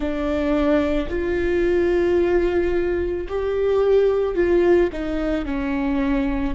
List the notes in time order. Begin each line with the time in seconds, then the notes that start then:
0.00 D4
1.09 F4
3.28 G4
4.35 F4
4.92 D#4
5.45 C#4